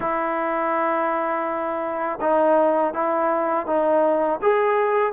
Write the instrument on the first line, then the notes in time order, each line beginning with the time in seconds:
trombone
0.00 E4
2.21 D#4
2.93 E4
3.66 D#4
4.42 G#4